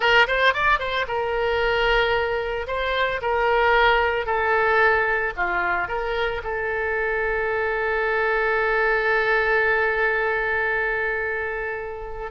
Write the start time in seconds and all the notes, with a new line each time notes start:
0.00 A#4
0.27 C5
0.53 D5
0.79 C5
1.07 A#4
2.67 C5
3.21 A#4
4.26 A4
5.36 F4
5.88 A#4
6.43 A4